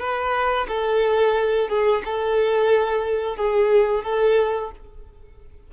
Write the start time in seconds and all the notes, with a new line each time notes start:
0.00 B4
0.69 A4
1.69 G#4
2.05 A4
3.37 G#4
4.04 A4